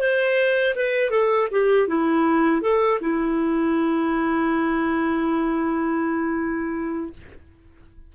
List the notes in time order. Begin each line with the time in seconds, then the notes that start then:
0.00 C5
0.76 B4
1.11 A4
1.52 G4
1.88 E4
2.62 A4
3.01 E4